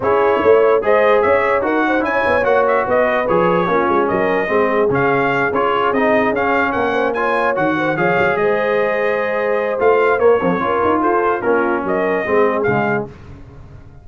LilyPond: <<
  \new Staff \with { instrumentName = "trumpet" } { \time 4/4 \tempo 4 = 147 cis''2 dis''4 e''4 | fis''4 gis''4 fis''8 e''8 dis''4 | cis''2 dis''2 | f''4. cis''4 dis''4 f''8~ |
f''8 fis''4 gis''4 fis''4 f''8~ | f''8 dis''2.~ dis''8 | f''4 cis''2 c''4 | ais'4 dis''2 f''4 | }
  \new Staff \with { instrumentName = "horn" } { \time 4/4 gis'4 cis''4 c''4 cis''4 | ais'8 c''8 cis''2 b'4~ | b'4 f'4 ais'4 gis'4~ | gis'1~ |
gis'8 ais'8 c''8 cis''4. c''8 cis''8~ | cis''8 c''2.~ c''8~ | c''4. ais'16 a'16 ais'4 a'4 | f'4 ais'4 gis'2 | }
  \new Staff \with { instrumentName = "trombone" } { \time 4/4 e'2 gis'2 | fis'4 e'4 fis'2 | gis'4 cis'2 c'4 | cis'4. f'4 dis'4 cis'8~ |
cis'4. f'4 fis'4 gis'8~ | gis'1 | f'4 ais8 f8 f'2 | cis'2 c'4 gis4 | }
  \new Staff \with { instrumentName = "tuba" } { \time 4/4 cis'4 a4 gis4 cis'4 | dis'4 cis'8 b8 ais4 b4 | f4 ais8 gis8 fis4 gis4 | cis4. cis'4 c'4 cis'8~ |
cis'8 ais2 dis4 f8 | fis8 gis2.~ gis8 | a4 ais8 c'8 cis'8 dis'8 f'4 | ais4 fis4 gis4 cis4 | }
>>